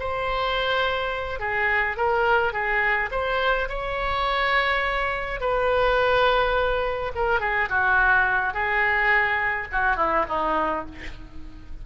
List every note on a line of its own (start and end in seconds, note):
0.00 1.40 C5
1.40 1.97 G#4
1.97 2.53 A#4
2.53 3.10 G#4
3.12 3.69 C5
3.69 5.41 C#5
5.41 7.12 B4
7.16 7.41 A#4
7.41 7.69 G#4
7.70 8.54 F#4
8.54 9.68 G#4
9.72 9.97 F#4
9.97 10.25 E4
10.29 10.86 D#4